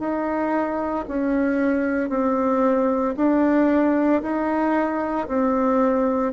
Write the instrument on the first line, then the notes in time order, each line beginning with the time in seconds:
bassoon
0.00 D#4
1.08 C#4
2.10 C4
3.17 D4
4.22 D#4
5.28 C4